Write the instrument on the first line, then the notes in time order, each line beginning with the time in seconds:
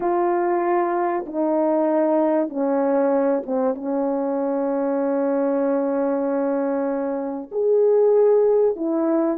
horn
0.00 F4
1.26 D#4
2.49 C#4
3.46 C4
3.74 C#4
7.51 G#4
8.76 E4